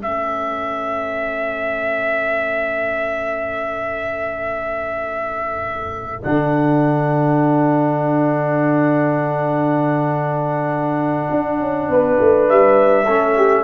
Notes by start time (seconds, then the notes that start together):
0.00 A3 C#4 A4 E5
6.23 D3 D4 F#5
11.31 D4
11.60 C#4
11.89 B3 B4
12.21 A3
12.49 G3 E5
13.05 A3 C#4 A4
13.37 G4